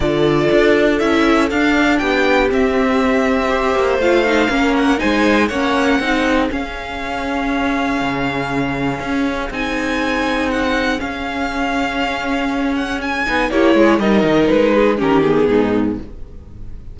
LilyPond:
<<
  \new Staff \with { instrumentName = "violin" } { \time 4/4 \tempo 4 = 120 d''2 e''4 f''4 | g''4 e''2. | f''4. fis''8 gis''4 fis''4~ | fis''4 f''2.~ |
f''2. gis''4~ | gis''4 fis''4 f''2~ | f''4. fis''8 gis''4 cis''4 | dis''4 b'4 ais'8 gis'4. | }
  \new Staff \with { instrumentName = "violin" } { \time 4/4 a'1 | g'2. c''4~ | c''4 ais'4 c''4 cis''4 | gis'1~ |
gis'1~ | gis'1~ | gis'2. g'8 gis'8 | ais'4. gis'8 g'4 dis'4 | }
  \new Staff \with { instrumentName = "viola" } { \time 4/4 f'2 e'4 d'4~ | d'4 c'2 g'4 | f'8 dis'8 cis'4 dis'4 cis'4 | dis'4 cis'2.~ |
cis'2. dis'4~ | dis'2 cis'2~ | cis'2~ cis'8 dis'8 e'4 | dis'2 cis'8 b4. | }
  \new Staff \with { instrumentName = "cello" } { \time 4/4 d4 d'4 cis'4 d'4 | b4 c'2~ c'8 ais8 | a4 ais4 gis4 ais4 | c'4 cis'2. |
cis2 cis'4 c'4~ | c'2 cis'2~ | cis'2~ cis'8 b8 ais8 gis8 | g8 dis8 gis4 dis4 gis,4 | }
>>